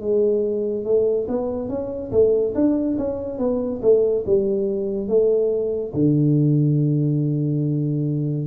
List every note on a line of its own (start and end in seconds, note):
0.00 0.84 G#3
0.84 1.26 A3
1.28 1.69 B3
1.69 2.11 C#4
2.11 2.54 A3
2.55 2.97 D4
2.98 3.38 C#4
3.38 3.80 B3
3.82 4.24 A3
4.26 5.08 G3
5.08 5.92 A3
5.93 8.47 D3